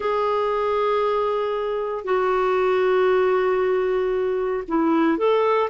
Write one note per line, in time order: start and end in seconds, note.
0.00 2.04 G#4
2.04 4.63 F#4
4.68 5.17 E4
5.17 5.69 A4